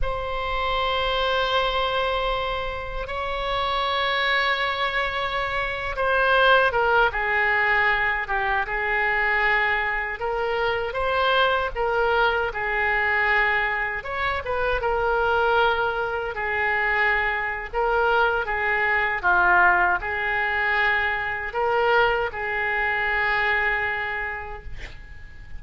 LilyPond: \new Staff \with { instrumentName = "oboe" } { \time 4/4 \tempo 4 = 78 c''1 | cis''2.~ cis''8. c''16~ | c''8. ais'8 gis'4. g'8 gis'8.~ | gis'4~ gis'16 ais'4 c''4 ais'8.~ |
ais'16 gis'2 cis''8 b'8 ais'8.~ | ais'4~ ais'16 gis'4.~ gis'16 ais'4 | gis'4 f'4 gis'2 | ais'4 gis'2. | }